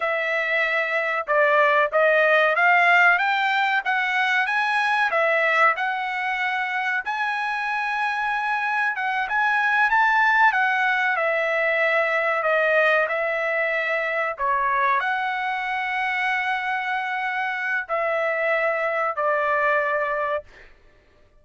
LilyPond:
\new Staff \with { instrumentName = "trumpet" } { \time 4/4 \tempo 4 = 94 e''2 d''4 dis''4 | f''4 g''4 fis''4 gis''4 | e''4 fis''2 gis''4~ | gis''2 fis''8 gis''4 a''8~ |
a''8 fis''4 e''2 dis''8~ | dis''8 e''2 cis''4 fis''8~ | fis''1 | e''2 d''2 | }